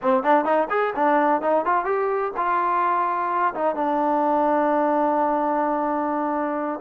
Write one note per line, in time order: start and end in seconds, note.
0.01 0.23 C4
0.23 0.44 D4
0.44 0.68 D#4
0.70 0.93 G#4
0.95 1.41 D4
1.41 1.65 D#4
1.65 1.85 F4
1.85 2.31 G4
2.37 3.54 F4
3.54 3.75 D#4
3.75 6.80 D4